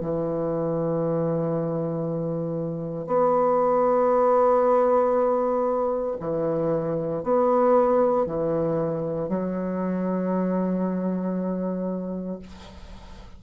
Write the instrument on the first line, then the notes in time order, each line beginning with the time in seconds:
bassoon
0.00 E3
3.07 B3
6.20 E3
7.23 B3
8.26 E3
9.29 F#3